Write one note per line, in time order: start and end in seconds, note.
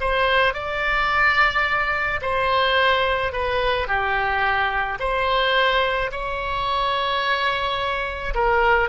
0.00 0.54 C5
0.54 2.20 D5
2.22 3.32 C5
3.32 3.87 B4
3.87 4.98 G4
4.99 6.11 C5
6.12 8.34 C#5
8.34 8.89 A#4